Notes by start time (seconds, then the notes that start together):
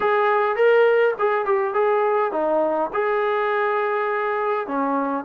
0.00 G#4
0.56 A#4
1.19 G#4
1.45 G4
1.74 G#4
2.32 D#4
2.93 G#4
4.67 C#4